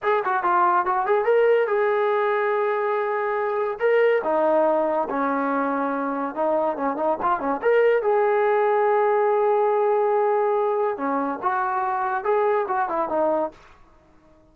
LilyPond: \new Staff \with { instrumentName = "trombone" } { \time 4/4 \tempo 4 = 142 gis'8 fis'8 f'4 fis'8 gis'8 ais'4 | gis'1~ | gis'4 ais'4 dis'2 | cis'2. dis'4 |
cis'8 dis'8 f'8 cis'8 ais'4 gis'4~ | gis'1~ | gis'2 cis'4 fis'4~ | fis'4 gis'4 fis'8 e'8 dis'4 | }